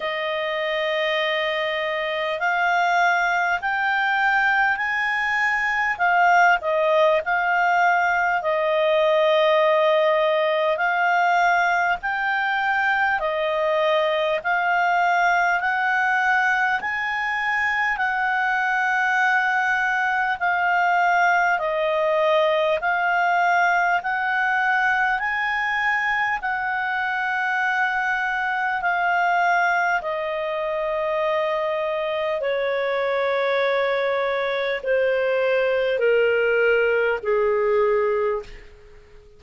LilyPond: \new Staff \with { instrumentName = "clarinet" } { \time 4/4 \tempo 4 = 50 dis''2 f''4 g''4 | gis''4 f''8 dis''8 f''4 dis''4~ | dis''4 f''4 g''4 dis''4 | f''4 fis''4 gis''4 fis''4~ |
fis''4 f''4 dis''4 f''4 | fis''4 gis''4 fis''2 | f''4 dis''2 cis''4~ | cis''4 c''4 ais'4 gis'4 | }